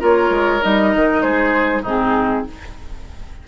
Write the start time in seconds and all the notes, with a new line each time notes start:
0.00 A#3 F4 A#4 C#5
0.30 G#3
0.62 G3 D#4 D#5
0.95 D#3
1.22 G#3 G#4 C5
1.82 G#2 C4 D#4 G#4